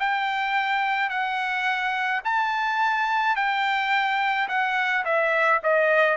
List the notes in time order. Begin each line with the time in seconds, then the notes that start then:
0.00 G5
1.10 F#5
2.25 A5
3.36 G5
4.49 F#5
5.05 E5
5.64 D#5